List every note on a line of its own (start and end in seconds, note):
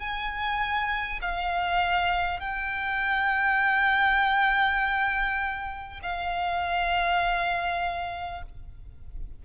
0.00 1.20 G#5
1.22 2.40 F5
2.40 6.00 G5
6.03 8.43 F5